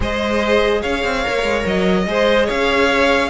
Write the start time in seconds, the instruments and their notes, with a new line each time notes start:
0.00 cello G#3, viola G#4, violin C5 D#5
0.81 cello C#4, violin C#5 F5
1.04 cello C4
1.23 cello A#3, viola A#4
1.42 cello G#3
1.65 cello F#3, violin D#5
2.07 cello G#3, viola G#4, violin C5
2.46 cello C#4, violin C#5 F5